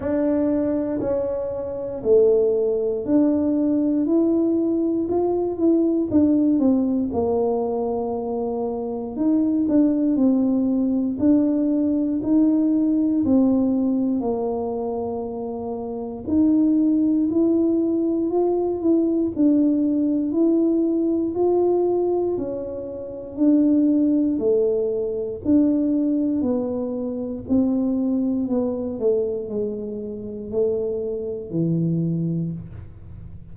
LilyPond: \new Staff \with { instrumentName = "tuba" } { \time 4/4 \tempo 4 = 59 d'4 cis'4 a4 d'4 | e'4 f'8 e'8 d'8 c'8 ais4~ | ais4 dis'8 d'8 c'4 d'4 | dis'4 c'4 ais2 |
dis'4 e'4 f'8 e'8 d'4 | e'4 f'4 cis'4 d'4 | a4 d'4 b4 c'4 | b8 a8 gis4 a4 e4 | }